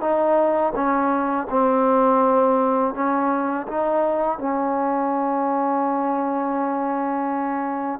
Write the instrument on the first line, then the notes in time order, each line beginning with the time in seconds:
trombone
0.00 D#4
0.75 C#4
1.50 C4
2.94 C#4
3.67 D#4
4.38 C#4